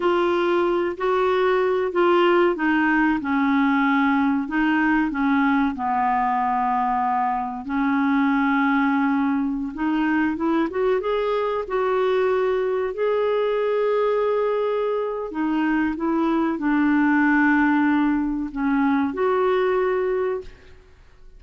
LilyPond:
\new Staff \with { instrumentName = "clarinet" } { \time 4/4 \tempo 4 = 94 f'4. fis'4. f'4 | dis'4 cis'2 dis'4 | cis'4 b2. | cis'2.~ cis'16 dis'8.~ |
dis'16 e'8 fis'8 gis'4 fis'4.~ fis'16~ | fis'16 gis'2.~ gis'8. | dis'4 e'4 d'2~ | d'4 cis'4 fis'2 | }